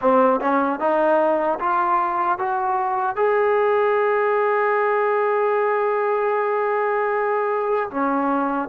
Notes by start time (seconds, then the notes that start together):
0.01 C4
0.40 C#4
0.79 D#4
1.59 F4
2.38 F#4
3.16 G#4
7.90 C#4